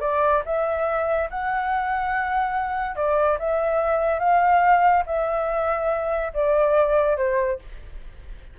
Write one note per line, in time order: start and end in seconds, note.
0.00 0.42 D5
0.45 1.29 E5
1.30 2.96 F#5
2.96 3.38 D5
3.39 4.19 E5
4.19 5.03 F5
5.06 6.32 E5
6.34 7.17 D5
7.17 7.59 C5